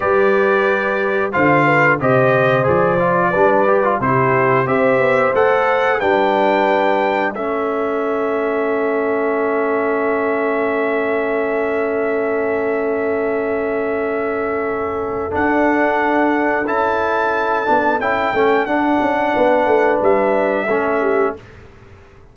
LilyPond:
<<
  \new Staff \with { instrumentName = "trumpet" } { \time 4/4 \tempo 4 = 90 d''2 f''4 dis''4 | d''2 c''4 e''4 | fis''4 g''2 e''4~ | e''1~ |
e''1~ | e''2. fis''4~ | fis''4 a''2 g''4 | fis''2 e''2 | }
  \new Staff \with { instrumentName = "horn" } { \time 4/4 b'2 c''8 b'8 c''4~ | c''4 b'4 g'4 c''4~ | c''4 b'2 a'4~ | a'1~ |
a'1~ | a'1~ | a'1~ | a'4 b'2 a'8 g'8 | }
  \new Staff \with { instrumentName = "trombone" } { \time 4/4 g'2 f'4 g'4 | gis'8 f'8 d'8 g'16 f'16 e'4 g'4 | a'4 d'2 cis'4~ | cis'1~ |
cis'1~ | cis'2. d'4~ | d'4 e'4. d'8 e'8 cis'8 | d'2. cis'4 | }
  \new Staff \with { instrumentName = "tuba" } { \time 4/4 g2 d4 c4 | f4 g4 c4 c'8 b8 | a4 g2 a4~ | a1~ |
a1~ | a2. d'4~ | d'4 cis'4. b8 cis'8 a8 | d'8 cis'8 b8 a8 g4 a4 | }
>>